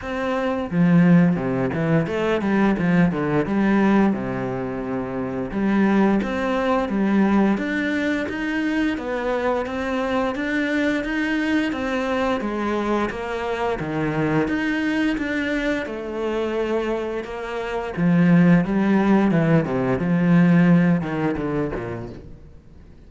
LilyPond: \new Staff \with { instrumentName = "cello" } { \time 4/4 \tempo 4 = 87 c'4 f4 c8 e8 a8 g8 | f8 d8 g4 c2 | g4 c'4 g4 d'4 | dis'4 b4 c'4 d'4 |
dis'4 c'4 gis4 ais4 | dis4 dis'4 d'4 a4~ | a4 ais4 f4 g4 | e8 c8 f4. dis8 d8 ais,8 | }